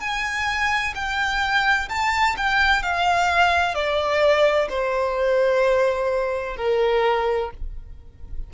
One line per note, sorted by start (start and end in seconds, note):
0.00 0.94 G#5
0.95 1.89 G5
1.89 2.36 A5
2.37 2.83 G5
2.83 3.75 F5
3.75 4.68 D5
4.69 6.57 C5
6.57 7.50 A#4